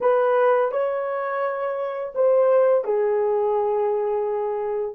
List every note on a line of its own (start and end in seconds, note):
0.00 0.71 B4
0.71 2.12 C#5
2.15 2.84 C5
2.84 4.95 G#4